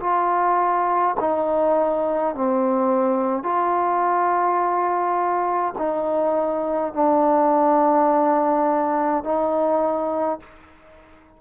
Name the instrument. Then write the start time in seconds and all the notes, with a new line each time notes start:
trombone
0.00 F4
1.20 D#4
2.34 C4
3.43 F4
5.78 D#4
6.93 D4
9.24 D#4